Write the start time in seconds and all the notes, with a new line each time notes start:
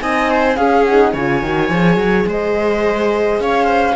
0.00 C4 D#4 D#5 G#5
0.31 C5
0.55 C#4 G#4 F5
0.85 D#4 F#5
1.13 C#3 F4 C#5 G#5
1.42 D#3 F#4
1.70 F3 G#4
1.97 F#3
2.27 G#3 C5 D#5
3.40 C#4 C#5 F5
3.65 C5